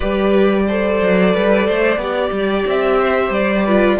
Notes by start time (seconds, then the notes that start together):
0.00 G3 G4 B4 D5
0.67 A4 C5
1.01 F#3
1.34 G3 B4
1.66 A3 C5
1.96 B3 G4 D5
2.31 G3
2.66 C4 E5
2.99 C5
3.29 G3 D5
3.65 F4 B4